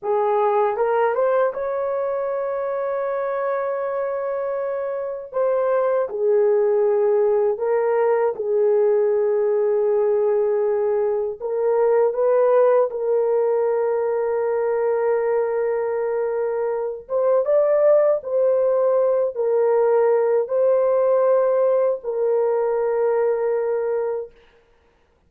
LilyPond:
\new Staff \with { instrumentName = "horn" } { \time 4/4 \tempo 4 = 79 gis'4 ais'8 c''8 cis''2~ | cis''2. c''4 | gis'2 ais'4 gis'4~ | gis'2. ais'4 |
b'4 ais'2.~ | ais'2~ ais'8 c''8 d''4 | c''4. ais'4. c''4~ | c''4 ais'2. | }